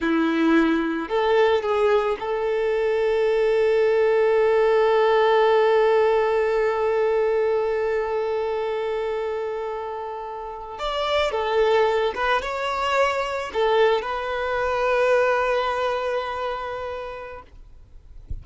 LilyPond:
\new Staff \with { instrumentName = "violin" } { \time 4/4 \tempo 4 = 110 e'2 a'4 gis'4 | a'1~ | a'1~ | a'1~ |
a'2.~ a'8. d''16~ | d''8. a'4. b'8 cis''4~ cis''16~ | cis''8. a'4 b'2~ b'16~ | b'1 | }